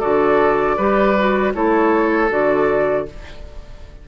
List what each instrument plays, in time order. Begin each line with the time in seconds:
0.00 bassoon D3, clarinet F#4, oboe A4, flute D5
0.77 bassoon G3, clarinet G4, oboe B4
1.18 clarinet F#4
1.55 bassoon A3, clarinet E4, oboe A4, flute C#5
2.30 bassoon D3, clarinet F#4, flute D5